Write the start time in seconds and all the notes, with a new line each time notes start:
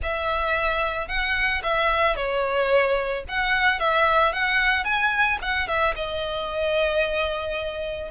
0.02 E5
1.08 F#5
1.63 E5
2.15 C#5
3.28 F#5
3.79 E5
4.32 F#5
4.84 G#5
5.41 F#5
5.67 E5
5.95 D#5